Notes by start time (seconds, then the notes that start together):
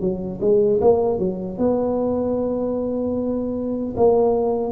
0.00 F#3
0.41 G#3
0.81 A#3
1.18 F#3
1.58 B3
3.96 A#3